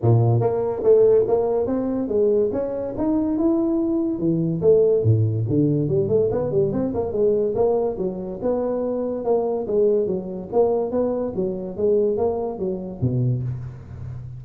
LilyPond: \new Staff \with { instrumentName = "tuba" } { \time 4/4 \tempo 4 = 143 ais,4 ais4 a4 ais4 | c'4 gis4 cis'4 dis'4 | e'2 e4 a4 | a,4 d4 g8 a8 b8 g8 |
c'8 ais8 gis4 ais4 fis4 | b2 ais4 gis4 | fis4 ais4 b4 fis4 | gis4 ais4 fis4 b,4 | }